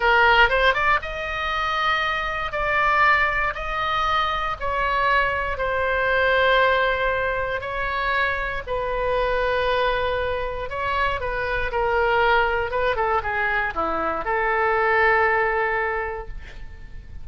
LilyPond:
\new Staff \with { instrumentName = "oboe" } { \time 4/4 \tempo 4 = 118 ais'4 c''8 d''8 dis''2~ | dis''4 d''2 dis''4~ | dis''4 cis''2 c''4~ | c''2. cis''4~ |
cis''4 b'2.~ | b'4 cis''4 b'4 ais'4~ | ais'4 b'8 a'8 gis'4 e'4 | a'1 | }